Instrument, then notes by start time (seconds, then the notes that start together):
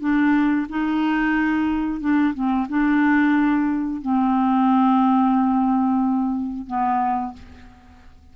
clarinet
0.00 D4
0.69 D#4
2.00 D4
2.34 C4
2.69 D4
4.02 C4
6.67 B3